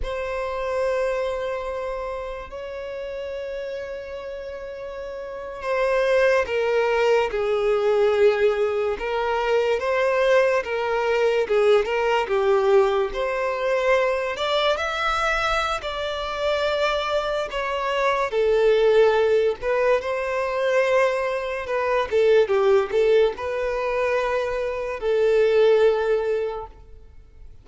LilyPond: \new Staff \with { instrumentName = "violin" } { \time 4/4 \tempo 4 = 72 c''2. cis''4~ | cis''2~ cis''8. c''4 ais'16~ | ais'8. gis'2 ais'4 c''16~ | c''8. ais'4 gis'8 ais'8 g'4 c''16~ |
c''4~ c''16 d''8 e''4~ e''16 d''4~ | d''4 cis''4 a'4. b'8 | c''2 b'8 a'8 g'8 a'8 | b'2 a'2 | }